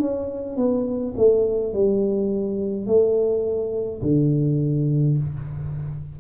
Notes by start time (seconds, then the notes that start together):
0.00 C#4
0.57 B3
1.17 A3
1.74 G3
2.87 A3
4.03 D3